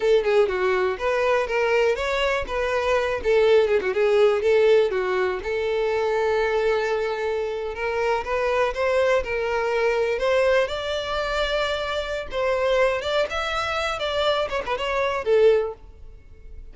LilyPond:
\new Staff \with { instrumentName = "violin" } { \time 4/4 \tempo 4 = 122 a'8 gis'8 fis'4 b'4 ais'4 | cis''4 b'4. a'4 gis'16 fis'16 | gis'4 a'4 fis'4 a'4~ | a'2.~ a'8. ais'16~ |
ais'8. b'4 c''4 ais'4~ ais'16~ | ais'8. c''4 d''2~ d''16~ | d''4 c''4. d''8 e''4~ | e''8 d''4 cis''16 b'16 cis''4 a'4 | }